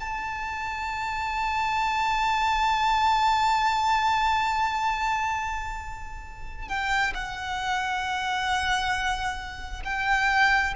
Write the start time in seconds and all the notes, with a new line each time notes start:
0.00 A5
6.68 G5
7.14 F#5
9.84 G5